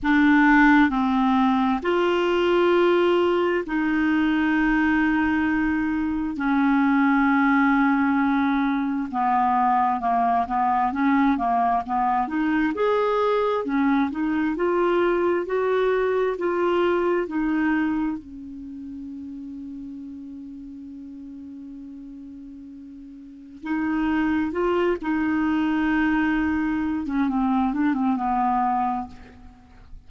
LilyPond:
\new Staff \with { instrumentName = "clarinet" } { \time 4/4 \tempo 4 = 66 d'4 c'4 f'2 | dis'2. cis'4~ | cis'2 b4 ais8 b8 | cis'8 ais8 b8 dis'8 gis'4 cis'8 dis'8 |
f'4 fis'4 f'4 dis'4 | cis'1~ | cis'2 dis'4 f'8 dis'8~ | dis'4.~ dis'16 cis'16 c'8 d'16 c'16 b4 | }